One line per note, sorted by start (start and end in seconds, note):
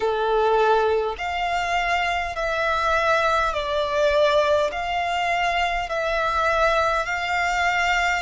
0.00 1.15 A4
1.18 2.35 F5
2.35 3.53 E5
3.53 4.71 D5
4.71 5.89 F5
5.89 7.05 E5
7.05 8.22 F5